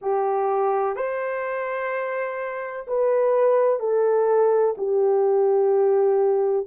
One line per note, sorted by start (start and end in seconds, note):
0.01 0.96 G4
0.96 2.86 C5
2.87 3.79 B4
3.79 4.74 A4
4.77 6.66 G4